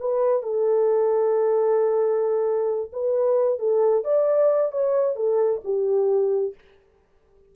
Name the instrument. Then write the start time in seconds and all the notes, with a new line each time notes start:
horn
0.00 B4
0.43 A4
2.93 B4
3.59 A4
4.04 D5
4.72 C#5
5.16 A4
5.65 G4